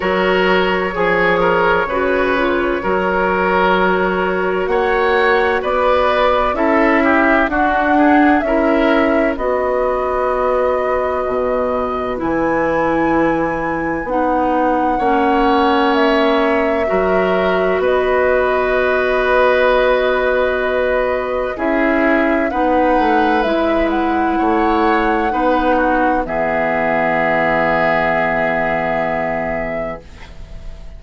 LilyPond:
<<
  \new Staff \with { instrumentName = "flute" } { \time 4/4 \tempo 4 = 64 cis''1~ | cis''4 fis''4 d''4 e''4 | fis''4 e''4 dis''2~ | dis''4 gis''2 fis''4~ |
fis''4 e''2 dis''4~ | dis''2. e''4 | fis''4 e''8 fis''2~ fis''8 | e''1 | }
  \new Staff \with { instrumentName = "oboe" } { \time 4/4 ais'4 gis'8 ais'8 b'4 ais'4~ | ais'4 cis''4 b'4 a'8 g'8 | fis'8 gis'8 ais'4 b'2~ | b'1 |
cis''2 ais'4 b'4~ | b'2. gis'4 | b'2 cis''4 b'8 fis'8 | gis'1 | }
  \new Staff \with { instrumentName = "clarinet" } { \time 4/4 fis'4 gis'4 fis'8 f'8 fis'4~ | fis'2. e'4 | d'4 e'4 fis'2~ | fis'4 e'2 dis'4 |
cis'2 fis'2~ | fis'2. e'4 | dis'4 e'2 dis'4 | b1 | }
  \new Staff \with { instrumentName = "bassoon" } { \time 4/4 fis4 f4 cis4 fis4~ | fis4 ais4 b4 cis'4 | d'4 cis'4 b2 | b,4 e2 b4 |
ais2 fis4 b4~ | b2. cis'4 | b8 a8 gis4 a4 b4 | e1 | }
>>